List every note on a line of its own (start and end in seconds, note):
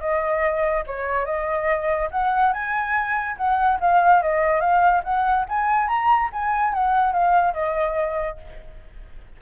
0.00 0.84 D#5
0.87 1.25 C#5
1.25 2.09 D#5
2.11 2.53 F#5
2.53 3.37 G#5
3.37 3.79 F#5
3.80 4.22 F5
4.22 4.61 D#5
4.61 5.03 F5
5.04 5.46 F#5
5.49 5.88 G#5
5.88 6.30 A#5
6.33 6.73 G#5
6.73 7.13 F#5
7.13 7.54 F5
7.54 8.38 D#5